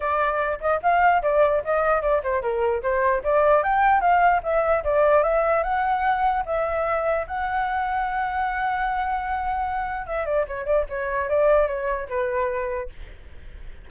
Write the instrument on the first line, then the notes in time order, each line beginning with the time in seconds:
flute
0.00 D5
0.60 D#5
0.82 F5
1.22 D5
1.64 D#5
2.01 D5
2.23 C5
2.42 A#4
2.82 C5
3.23 D5
3.63 G5
4.00 F5
4.43 E5
4.84 D5
5.23 E5
5.63 F#5
6.45 E5
7.27 F#5
10.06 E5
10.25 D5
10.47 C#5
10.65 D5
10.89 C#5
11.29 D5
11.67 C#5
12.09 B4